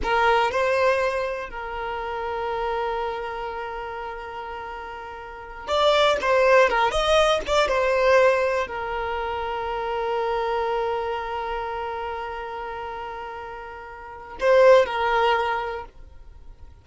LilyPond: \new Staff \with { instrumentName = "violin" } { \time 4/4 \tempo 4 = 121 ais'4 c''2 ais'4~ | ais'1~ | ais'2.~ ais'8 d''8~ | d''8 c''4 ais'8 dis''4 d''8 c''8~ |
c''4. ais'2~ ais'8~ | ais'1~ | ais'1~ | ais'4 c''4 ais'2 | }